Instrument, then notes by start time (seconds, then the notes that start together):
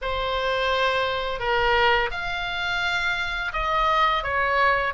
oboe
0.01 C5
1.39 A#4
2.11 F5
3.52 D#5
4.23 C#5